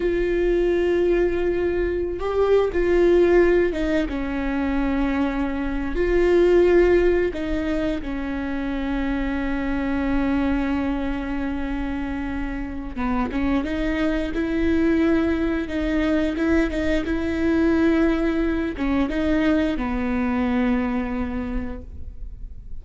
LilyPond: \new Staff \with { instrumentName = "viola" } { \time 4/4 \tempo 4 = 88 f'2.~ f'16 g'8. | f'4. dis'8 cis'2~ | cis'8. f'2 dis'4 cis'16~ | cis'1~ |
cis'2. b8 cis'8 | dis'4 e'2 dis'4 | e'8 dis'8 e'2~ e'8 cis'8 | dis'4 b2. | }